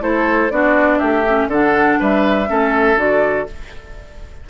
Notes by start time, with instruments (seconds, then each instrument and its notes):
0.00 bassoon A3, clarinet E4, oboe A4, flute C5
0.51 bassoon B3, clarinet D4, oboe F#4, flute D5
0.99 bassoon A3, oboe G4, flute E5
1.26 clarinet C#4
1.47 bassoon D3, clarinet D4, oboe A4, flute F#5
1.99 bassoon G3, oboe B4, flute E5
2.47 bassoon A3, clarinet C#4, oboe A4
2.96 bassoon D3, clarinet F#4, flute D5